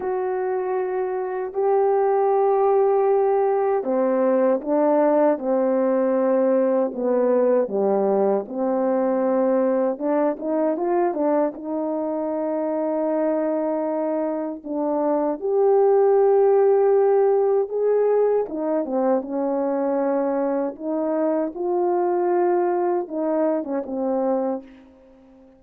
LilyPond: \new Staff \with { instrumentName = "horn" } { \time 4/4 \tempo 4 = 78 fis'2 g'2~ | g'4 c'4 d'4 c'4~ | c'4 b4 g4 c'4~ | c'4 d'8 dis'8 f'8 d'8 dis'4~ |
dis'2. d'4 | g'2. gis'4 | dis'8 c'8 cis'2 dis'4 | f'2 dis'8. cis'16 c'4 | }